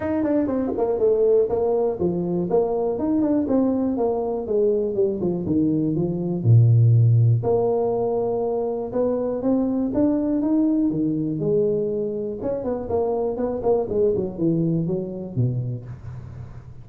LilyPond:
\new Staff \with { instrumentName = "tuba" } { \time 4/4 \tempo 4 = 121 dis'8 d'8 c'8 ais8 a4 ais4 | f4 ais4 dis'8 d'8 c'4 | ais4 gis4 g8 f8 dis4 | f4 ais,2 ais4~ |
ais2 b4 c'4 | d'4 dis'4 dis4 gis4~ | gis4 cis'8 b8 ais4 b8 ais8 | gis8 fis8 e4 fis4 b,4 | }